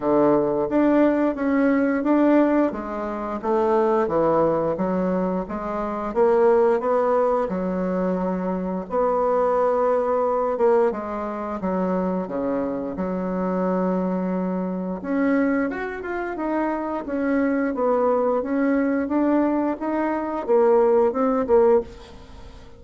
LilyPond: \new Staff \with { instrumentName = "bassoon" } { \time 4/4 \tempo 4 = 88 d4 d'4 cis'4 d'4 | gis4 a4 e4 fis4 | gis4 ais4 b4 fis4~ | fis4 b2~ b8 ais8 |
gis4 fis4 cis4 fis4~ | fis2 cis'4 fis'8 f'8 | dis'4 cis'4 b4 cis'4 | d'4 dis'4 ais4 c'8 ais8 | }